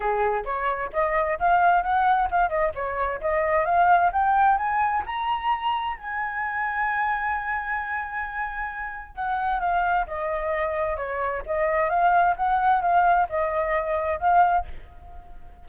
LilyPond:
\new Staff \with { instrumentName = "flute" } { \time 4/4 \tempo 4 = 131 gis'4 cis''4 dis''4 f''4 | fis''4 f''8 dis''8 cis''4 dis''4 | f''4 g''4 gis''4 ais''4~ | ais''4 gis''2.~ |
gis''1 | fis''4 f''4 dis''2 | cis''4 dis''4 f''4 fis''4 | f''4 dis''2 f''4 | }